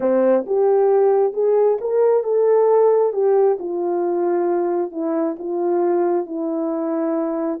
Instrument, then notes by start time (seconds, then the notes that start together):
horn
0.00 C4
0.46 G4
1.33 G#4
1.81 A#4
2.23 A4
3.12 G4
3.59 F4
4.91 E4
5.38 F4
6.25 E4